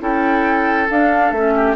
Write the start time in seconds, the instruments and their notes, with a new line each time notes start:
0.00 bassoon C#4, clarinet E4, oboe A4, flute G5
0.91 bassoon D4, clarinet D4, flute F5
1.32 bassoon A3, clarinet C#4, flute E5
1.56 oboe G4